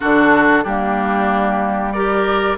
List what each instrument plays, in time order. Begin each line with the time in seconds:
0.00 bassoon D3, clarinet D4, oboe F#4, flute A4
0.63 bassoon G3, clarinet A#3, oboe D4, flute G4
1.92 clarinet G4, oboe A#4, flute D5